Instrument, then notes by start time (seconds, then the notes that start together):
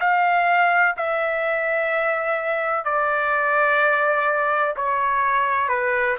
trumpet
0.00 F5
0.97 E5
2.84 D5
4.76 C#5
5.68 B4